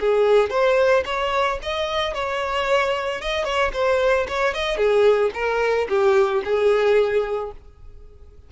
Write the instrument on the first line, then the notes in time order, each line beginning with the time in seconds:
violin
0.00 G#4
0.50 C5
1.05 C#5
1.63 D#5
2.14 C#5
3.21 D#5
3.44 C#5
3.74 C5
4.28 C#5
4.54 D#5
4.78 G#4
5.34 A#4
5.89 G4
6.45 G#4